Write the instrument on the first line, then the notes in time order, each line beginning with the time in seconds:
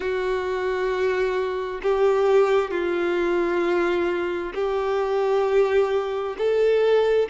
violin
0.00 F#4
1.82 G4
2.70 F4
4.54 G4
6.38 A4